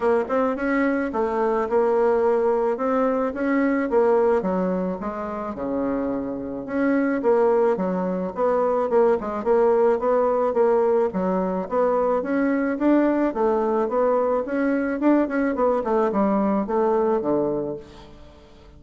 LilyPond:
\new Staff \with { instrumentName = "bassoon" } { \time 4/4 \tempo 4 = 108 ais8 c'8 cis'4 a4 ais4~ | ais4 c'4 cis'4 ais4 | fis4 gis4 cis2 | cis'4 ais4 fis4 b4 |
ais8 gis8 ais4 b4 ais4 | fis4 b4 cis'4 d'4 | a4 b4 cis'4 d'8 cis'8 | b8 a8 g4 a4 d4 | }